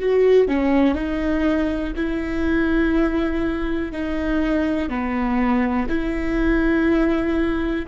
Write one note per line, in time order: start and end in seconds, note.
0.00 0.48 F#4
0.48 0.95 C#4
0.95 1.94 D#4
1.96 3.93 E4
3.93 4.90 D#4
4.90 5.88 B3
5.89 7.86 E4